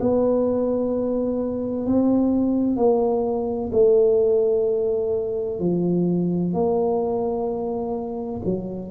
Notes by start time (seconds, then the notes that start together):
0.00 B3
1.86 C4
2.76 A#3
3.72 A3
5.60 F3
6.53 A#3
8.45 F#3